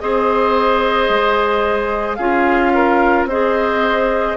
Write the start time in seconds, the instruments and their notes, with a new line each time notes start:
0.00 bassoon C4, clarinet G#4, oboe C5, flute D#5
1.09 bassoon G#3
2.15 bassoon C#4, clarinet F4, oboe G#4, flute F5
2.74 oboe A#4
3.25 bassoon C4, clarinet G#4, oboe C5, flute D#5